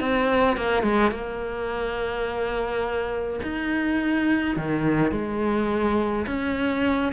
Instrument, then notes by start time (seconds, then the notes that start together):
cello
0.00 C4
0.57 A#3
0.83 G#3
1.11 A#3
3.43 D#4
4.57 D#3
5.12 G#3
6.27 C#4